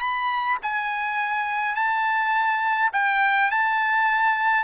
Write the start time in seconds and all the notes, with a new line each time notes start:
0.00 B5
0.62 G#5
1.75 A5
2.93 G5
3.51 A5